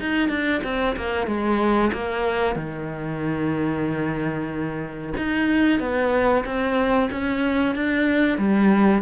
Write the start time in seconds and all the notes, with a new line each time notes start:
0.00 D#4
0.29 D4
0.64 C4
0.97 A#3
1.27 G#3
1.93 A#3
2.56 D#3
5.18 D#4
5.80 B3
6.45 C4
7.11 C#4
7.76 D4
8.38 G3